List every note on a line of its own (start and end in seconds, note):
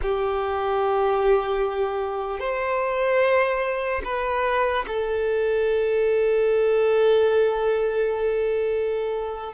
0.02 2.39 G4
2.39 4.01 C5
4.04 4.85 B4
4.87 9.53 A4